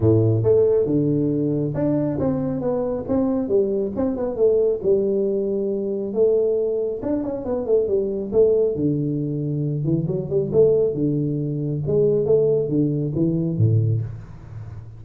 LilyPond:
\new Staff \with { instrumentName = "tuba" } { \time 4/4 \tempo 4 = 137 a,4 a4 d2 | d'4 c'4 b4 c'4 | g4 c'8 b8 a4 g4~ | g2 a2 |
d'8 cis'8 b8 a8 g4 a4 | d2~ d8 e8 fis8 g8 | a4 d2 gis4 | a4 d4 e4 a,4 | }